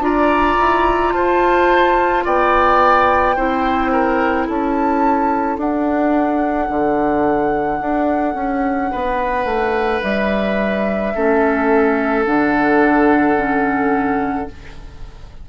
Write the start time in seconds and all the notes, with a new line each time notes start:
0.00 D4 F4 D5 A#5
0.60 E4
1.13 F4 C5 A5
2.25 B3 D5 G5
3.36 C4 E4 C5
3.92 A#4
4.47 C#4 A4 A5
5.58 D4 F#5
6.70 D3
7.81 D4
8.34 C#4
8.91 B3 B4
9.45 A3
10.03 G3 E5
11.15 A3 C#4 A4
12.26 D3 D4 F#5
13.37 C#4